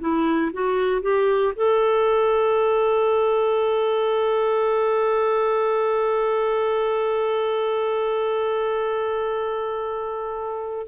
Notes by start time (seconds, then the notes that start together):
0.00 E4
0.53 F#4
1.02 G4
1.55 A4